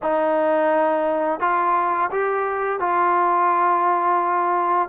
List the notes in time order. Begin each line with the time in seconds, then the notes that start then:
0.02 D#4
1.40 F4
2.11 G4
2.79 F4